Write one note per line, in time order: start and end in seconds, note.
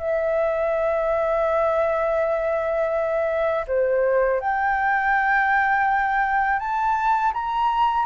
0.00 3.66 E5
3.68 4.41 C5
4.41 6.60 G5
6.60 7.33 A5
7.34 8.06 A#5